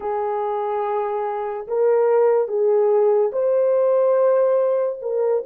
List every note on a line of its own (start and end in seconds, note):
0.00 1.67 G#4
1.67 2.48 A#4
2.48 3.31 G#4
3.32 4.99 C5
5.01 5.43 A#4